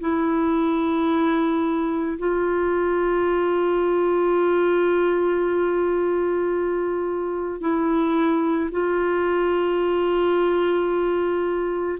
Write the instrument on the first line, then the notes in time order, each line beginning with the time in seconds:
clarinet
0.00 E4
2.19 F4
7.61 E4
8.72 F4